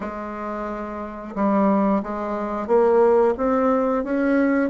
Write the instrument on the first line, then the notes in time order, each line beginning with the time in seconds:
bassoon
0.00 G#3
1.35 G3
2.02 G#3
2.67 A#3
3.37 C4
4.04 C#4